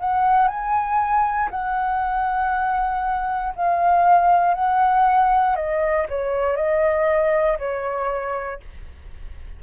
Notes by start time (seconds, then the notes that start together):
0.00 F#5
0.48 G#5
1.51 F#5
3.56 F5
4.55 F#5
5.57 D#5
6.09 C#5
6.56 D#5
7.59 C#5